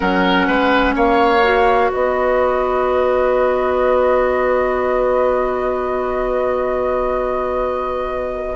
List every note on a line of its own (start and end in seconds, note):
0.00 0.47 F#3
0.00 1.40 C#4
0.00 0.47 A#4
0.00 0.94 F#5
0.47 0.95 G#3
0.47 0.94 B4
0.95 1.90 A#3
0.95 1.90 C#5
0.95 1.92 F5
1.42 8.56 F#4
1.90 8.56 B3
1.90 8.56 B4
1.90 8.56 D#5